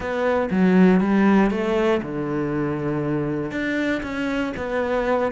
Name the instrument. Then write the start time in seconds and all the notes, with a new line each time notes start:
cello
0.00 B3
0.50 F#3
1.00 G3
1.50 A3
2.02 D3
3.51 D4
4.02 C#4
4.56 B3